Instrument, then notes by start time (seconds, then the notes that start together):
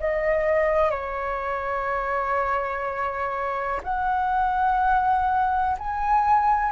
flute
0.00 D#5
0.91 C#5
3.84 F#5
5.79 G#5